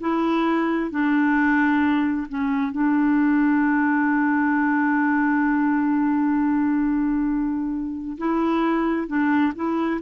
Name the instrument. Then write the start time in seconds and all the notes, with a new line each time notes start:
clarinet
0.00 E4
0.90 D4
2.29 C#4
2.71 D4
8.18 E4
9.07 D4
9.55 E4